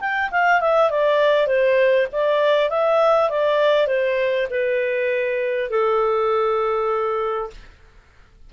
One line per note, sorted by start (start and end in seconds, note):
0.00 0.30 G5
0.31 0.60 F5
0.60 0.90 E5
0.90 1.47 D5
1.47 2.07 C5
2.12 2.69 D5
2.69 3.29 E5
3.30 3.87 D5
3.87 4.47 C5
4.50 5.70 B4
5.70 7.50 A4